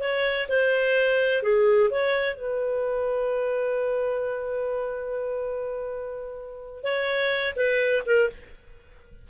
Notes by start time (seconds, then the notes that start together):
0.00 C#5
0.48 C5
1.42 G#4
1.90 C#5
2.35 B4
6.83 C#5
7.55 B4
8.05 A#4